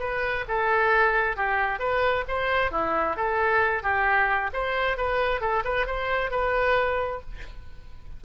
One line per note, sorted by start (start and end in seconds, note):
0.00 0.45 B4
0.48 1.37 A4
1.37 1.80 G4
1.80 2.25 B4
2.28 2.72 C5
2.72 3.17 E4
3.17 3.83 A4
3.83 4.51 G4
4.54 4.98 C5
4.98 5.41 B4
5.41 5.64 A4
5.65 5.87 B4
5.87 6.31 C5
6.31 7.21 B4